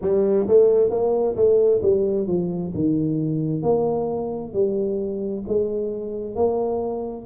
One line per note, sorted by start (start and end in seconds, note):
0.01 0.47 G3
0.47 0.90 A3
0.90 1.35 A#3
1.36 1.81 A3
1.82 2.27 G3
2.27 2.72 F3
2.74 3.62 D#3
3.62 4.53 A#3
4.53 5.44 G3
5.47 6.35 G#3
6.35 7.26 A#3